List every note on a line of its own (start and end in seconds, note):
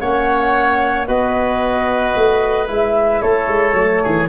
0.00 1.08 A#3
0.00 1.08 C#4
0.00 1.08 C#5
0.00 1.07 F#5
1.08 2.15 B3
1.08 2.68 F#4
1.08 3.22 B4
1.08 2.68 D#5
2.16 2.69 A3
2.68 3.22 G#3
2.68 3.75 E4
2.68 3.22 E5
3.22 3.48 A3
3.22 4.03 A4
3.22 4.29 C#5
3.48 3.73 G#3
3.73 4.00 F#3
3.73 4.28 A3
4.03 4.29 E3
4.03 4.29 G#4